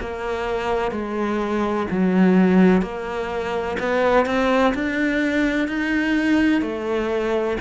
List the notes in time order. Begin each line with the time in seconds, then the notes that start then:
0.00 A#3
0.91 G#3
1.90 F#3
2.81 A#3
3.79 B3
4.26 C4
4.74 D4
5.68 D#4
6.61 A3